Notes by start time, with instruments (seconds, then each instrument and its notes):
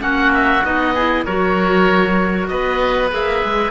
0.00 cello A#3, clarinet C#4, oboe F#4 F#5
0.34 oboe E5
0.64 cello B3, clarinet D#4, oboe D#5
0.95 clarinet E4, oboe G#4
1.25 cello F#3, clarinet F#4, oboe A#4 C#5
2.48 cello B3, oboe B4 D#5
3.11 cello A#3, clarinet G#4, oboe E5
3.44 cello G#3